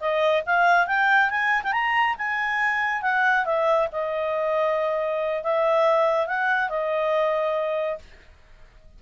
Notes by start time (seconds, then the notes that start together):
0.00 D#5
0.46 F5
0.87 G5
1.30 G#5
1.63 G5
1.72 A#5
2.18 G#5
3.02 F#5
3.45 E5
3.92 D#5
5.43 E5
6.27 F#5
6.69 D#5